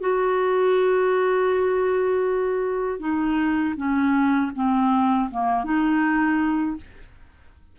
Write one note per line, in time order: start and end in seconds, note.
0.00 2.99 F#4
2.99 3.74 D#4
3.76 4.51 C#4
4.54 5.29 C4
5.30 5.64 A#3
5.64 6.76 D#4